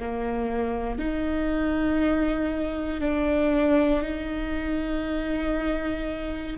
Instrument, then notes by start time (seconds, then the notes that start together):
viola
0.00 A#3
0.99 D#4
3.01 D4
4.02 D#4